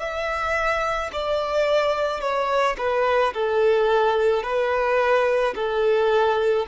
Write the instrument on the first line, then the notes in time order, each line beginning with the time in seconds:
violin
0.00 E5
1.13 D5
2.21 C#5
2.78 B4
3.34 A4
4.43 B4
5.56 A4